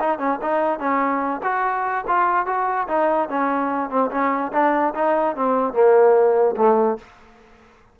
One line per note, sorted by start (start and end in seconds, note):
0.00 0.19 D#4
0.19 0.39 C#4
0.42 0.79 D#4
0.79 1.41 C#4
1.43 2.05 F#4
2.08 2.46 F4
2.46 2.87 F#4
2.88 3.29 D#4
3.29 3.90 C#4
3.90 4.10 C4
4.11 4.52 C#4
4.53 4.94 D4
4.95 5.36 D#4
5.36 5.73 C4
5.73 6.56 A#3
6.57 6.98 A3